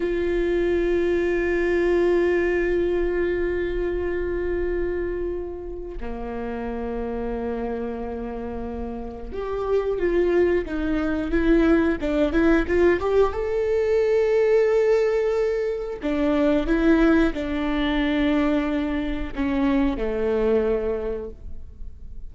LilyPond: \new Staff \with { instrumentName = "viola" } { \time 4/4 \tempo 4 = 90 f'1~ | f'1~ | f'4 ais2.~ | ais2 g'4 f'4 |
dis'4 e'4 d'8 e'8 f'8 g'8 | a'1 | d'4 e'4 d'2~ | d'4 cis'4 a2 | }